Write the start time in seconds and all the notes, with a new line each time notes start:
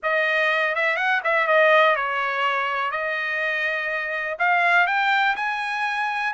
0.02 D#5
0.75 E5
0.96 F#5
1.24 E5
1.47 D#5
1.95 C#5
2.91 D#5
4.38 F5
4.86 G5
5.36 G#5